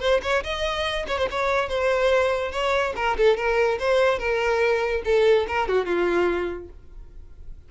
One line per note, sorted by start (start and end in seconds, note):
0.00 0.21 C5
0.23 0.43 C#5
0.44 1.06 D#5
1.08 1.18 C#5
1.18 1.28 C5
1.31 1.69 C#5
1.69 2.52 C5
2.52 2.93 C#5
2.96 3.17 A#4
3.17 3.37 A4
3.37 3.78 A#4
3.79 4.19 C5
4.19 5.02 A#4
5.05 5.46 A4
5.48 5.68 A#4
5.68 5.85 F#4
5.85 6.69 F4